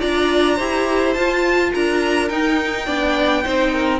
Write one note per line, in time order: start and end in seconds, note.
0.00 0.60 D4
0.00 0.57 F4
0.00 0.56 D5
0.00 1.13 A#5
0.56 1.16 E4
0.56 1.16 G4
0.56 1.70 C5
1.13 1.73 F4
1.13 2.30 F4
1.13 1.70 A5
1.73 2.30 D4
1.73 2.86 A#4
1.73 2.29 A#5
2.29 2.86 D#4
2.29 2.87 D#4
2.29 3.99 G5
2.86 3.45 B3
2.86 3.43 D4
2.86 3.43 D5
3.43 3.99 C4
3.43 3.99 D#4
3.43 3.72 C5
3.72 3.99 A#4